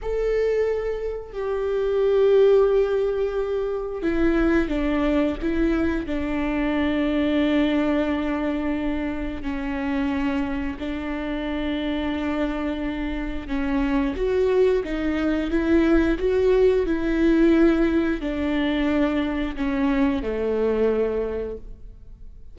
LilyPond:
\new Staff \with { instrumentName = "viola" } { \time 4/4 \tempo 4 = 89 a'2 g'2~ | g'2 e'4 d'4 | e'4 d'2.~ | d'2 cis'2 |
d'1 | cis'4 fis'4 dis'4 e'4 | fis'4 e'2 d'4~ | d'4 cis'4 a2 | }